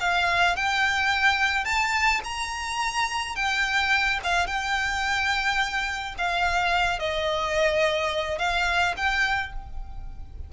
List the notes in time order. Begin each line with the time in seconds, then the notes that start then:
0.00 F5
0.56 G5
1.65 A5
2.24 A#5
3.36 G5
4.23 F5
4.47 G5
6.18 F5
6.99 D#5
8.39 F5
8.97 G5